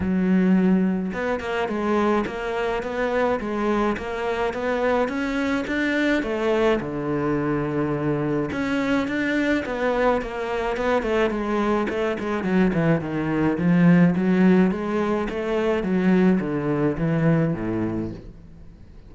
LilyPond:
\new Staff \with { instrumentName = "cello" } { \time 4/4 \tempo 4 = 106 fis2 b8 ais8 gis4 | ais4 b4 gis4 ais4 | b4 cis'4 d'4 a4 | d2. cis'4 |
d'4 b4 ais4 b8 a8 | gis4 a8 gis8 fis8 e8 dis4 | f4 fis4 gis4 a4 | fis4 d4 e4 a,4 | }